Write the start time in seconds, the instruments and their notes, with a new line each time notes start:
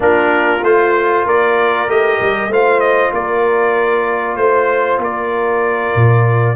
0.00 tuba A#3, trombone D4, horn F4, trumpet A#4
0.62 tuba A3, trombone F4, trumpet C5
1.25 tuba A#3, horn A#4, trumpet D5
1.87 tuba A3, trombone G4, trumpet D#5
2.20 tuba G3
2.48 tuba A3, trombone F4, horn C5, trumpet F5
2.80 trumpet D#5
3.12 tuba A#3, horn A#4, trumpet D5
4.36 tuba A3, trumpet C5, horn C5
4.98 tuba A#3, horn A#4, trumpet D5
5.95 tuba A#2